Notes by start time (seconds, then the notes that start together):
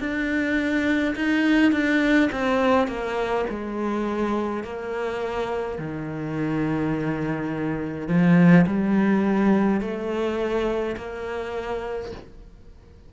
0.00 D4
1.16 D#4
1.73 D4
2.32 C4
2.88 A#3
3.50 G#3
4.64 A#3
5.78 D#3
8.08 F3
8.67 G3
9.81 A3
10.97 A#3